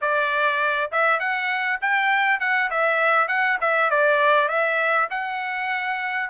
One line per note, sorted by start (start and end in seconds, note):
0.01 0.91 D5
0.91 1.19 E5
1.19 1.79 F#5
1.81 2.40 G5
2.40 2.70 F#5
2.70 3.28 E5
3.28 3.58 F#5
3.61 3.90 E5
3.90 4.48 D5
4.48 5.08 E5
5.10 6.29 F#5